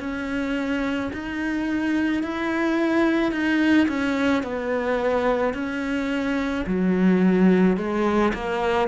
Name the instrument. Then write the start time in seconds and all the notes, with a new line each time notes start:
cello
0.00 C#4
1.13 D#4
2.23 E4
3.32 D#4
3.88 C#4
4.43 B3
5.54 C#4
6.67 F#3
7.77 G#3
8.34 A#3